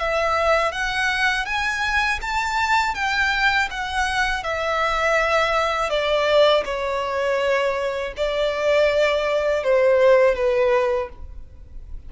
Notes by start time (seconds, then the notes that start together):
0.00 E5
0.72 F#5
1.45 G#5
2.22 A5
2.95 G5
3.71 F#5
4.44 E5
5.90 D5
6.66 C#5
8.17 D5
9.64 C5
10.35 B4